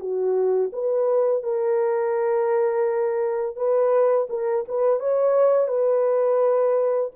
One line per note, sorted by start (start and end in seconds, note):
0.00 0.71 F#4
0.73 1.44 B4
1.44 3.56 A#4
3.56 4.28 B4
4.30 4.65 A#4
4.69 5.00 B4
5.00 5.69 C#5
5.69 7.11 B4